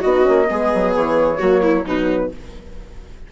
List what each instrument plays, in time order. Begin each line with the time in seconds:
0.00 bassoon B3, viola F#4, flute D#5
0.07 horn D#4
0.23 bassoon A#3, horn C#4
0.48 bassoon G#3, horn B3, viola G#4
0.74 bassoon F#3
0.96 bassoon E3, flute C#5
1.39 bassoon F#3, horn A#3, viola F#4
1.62 viola E4
1.85 bassoon B2, horn F#3, viola D#4, flute B4